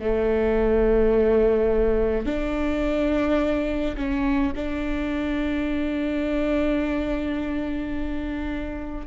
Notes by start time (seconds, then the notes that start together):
0.00 A3
2.25 D4
3.96 C#4
4.55 D4